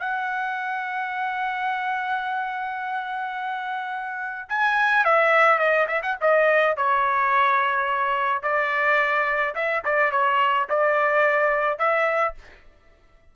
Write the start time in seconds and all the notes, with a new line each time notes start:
0.00 F#5
4.49 G#5
5.05 E5
5.59 D#5
5.88 E5
6.03 F#5
6.21 D#5
6.77 C#5
8.43 D5
9.56 E5
9.85 D5
10.12 C#5
10.70 D5
11.79 E5